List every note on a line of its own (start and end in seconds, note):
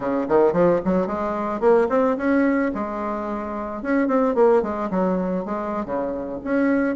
0.00 0.27 C#3
0.28 0.52 D#3
0.52 0.80 F3
0.84 1.06 F#3
1.06 1.60 G#3
1.60 1.87 A#3
1.89 2.16 C4
2.17 2.71 C#4
2.74 3.82 G#3
3.82 4.07 C#4
4.07 4.34 C4
4.35 4.62 A#3
4.62 4.89 G#3
4.90 5.45 F#3
5.45 5.85 G#3
5.85 6.39 C#3
6.44 6.95 C#4